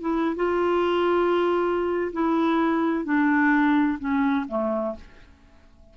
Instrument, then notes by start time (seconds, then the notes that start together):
clarinet
0.00 E4
0.36 F4
2.12 E4
3.04 D4
3.98 C#4
4.48 A3